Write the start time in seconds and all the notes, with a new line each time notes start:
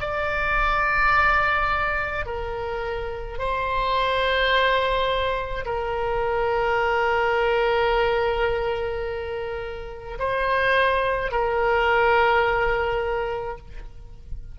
0.00 D5
2.26 A#4
3.39 C5
5.66 A#4
10.19 C5
11.32 A#4